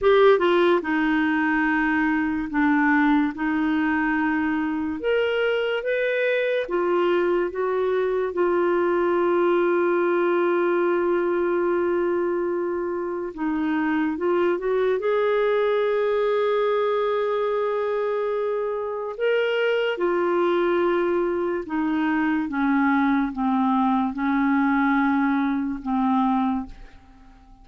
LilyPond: \new Staff \with { instrumentName = "clarinet" } { \time 4/4 \tempo 4 = 72 g'8 f'8 dis'2 d'4 | dis'2 ais'4 b'4 | f'4 fis'4 f'2~ | f'1 |
dis'4 f'8 fis'8 gis'2~ | gis'2. ais'4 | f'2 dis'4 cis'4 | c'4 cis'2 c'4 | }